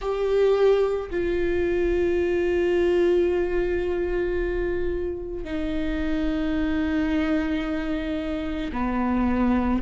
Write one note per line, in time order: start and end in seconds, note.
0.00 1.10 G4
1.10 5.44 F4
5.44 8.71 D#4
8.72 9.81 B3